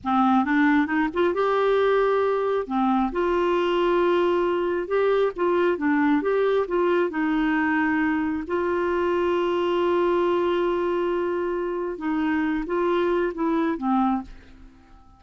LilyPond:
\new Staff \with { instrumentName = "clarinet" } { \time 4/4 \tempo 4 = 135 c'4 d'4 dis'8 f'8 g'4~ | g'2 c'4 f'4~ | f'2. g'4 | f'4 d'4 g'4 f'4 |
dis'2. f'4~ | f'1~ | f'2. dis'4~ | dis'8 f'4. e'4 c'4 | }